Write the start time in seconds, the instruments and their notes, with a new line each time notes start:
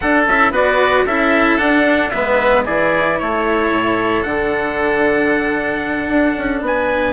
0.00 cello D4, bassoon D4, oboe A4, trumpet F#5
0.27 bassoon C#4, cello E4, trumpet E5
0.50 bassoon B3, cello F#4, oboe B4, trumpet D5
1.05 bassoon C#4, cello E4, oboe A4, trumpet E5
1.57 cello D4, bassoon D4, trumpet F#5
2.10 bassoon G#3, cello B3, oboe B4, trumpet E5
2.64 bassoon E3, cello E4, oboe G#4, trumpet D5
3.18 bassoon A3, oboe A4, trumpet C#5
3.70 bassoon A2
4.22 bassoon D3, cello D4, trumpet F#5
6.07 bassoon D4
6.37 bassoon C#4
6.61 bassoon B3, oboe B4, trumpet G#5